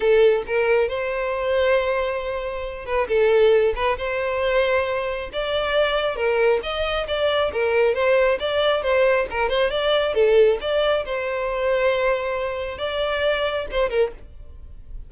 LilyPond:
\new Staff \with { instrumentName = "violin" } { \time 4/4 \tempo 4 = 136 a'4 ais'4 c''2~ | c''2~ c''8 b'8 a'4~ | a'8 b'8 c''2. | d''2 ais'4 dis''4 |
d''4 ais'4 c''4 d''4 | c''4 ais'8 c''8 d''4 a'4 | d''4 c''2.~ | c''4 d''2 c''8 ais'8 | }